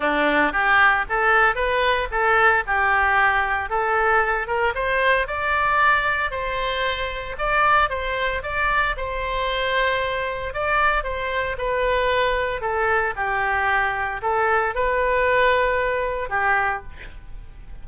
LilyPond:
\new Staff \with { instrumentName = "oboe" } { \time 4/4 \tempo 4 = 114 d'4 g'4 a'4 b'4 | a'4 g'2 a'4~ | a'8 ais'8 c''4 d''2 | c''2 d''4 c''4 |
d''4 c''2. | d''4 c''4 b'2 | a'4 g'2 a'4 | b'2. g'4 | }